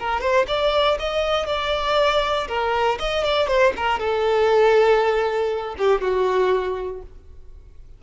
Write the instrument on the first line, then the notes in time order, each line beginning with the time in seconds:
violin
0.00 A#4
0.21 C5
0.48 D5
0.99 D#5
1.47 D5
2.48 A#4
2.99 D#5
3.24 D5
3.48 C5
3.77 A#4
4.00 A4
5.78 G4
6.01 F#4